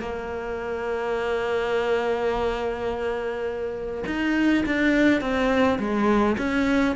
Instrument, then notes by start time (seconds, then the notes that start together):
cello
0.00 A#3
4.06 D#4
4.65 D4
5.21 C4
5.78 G#3
6.37 C#4